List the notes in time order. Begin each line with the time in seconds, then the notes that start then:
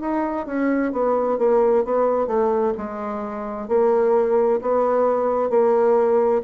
0.00 D#4
0.46 C#4
0.92 B3
1.38 A#3
1.84 B3
2.27 A3
2.77 G#3
3.68 A#3
4.61 B3
5.49 A#3